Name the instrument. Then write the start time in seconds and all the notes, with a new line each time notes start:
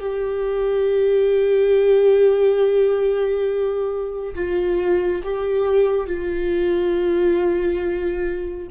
viola
0.00 G4
4.35 F4
5.24 G4
6.07 F4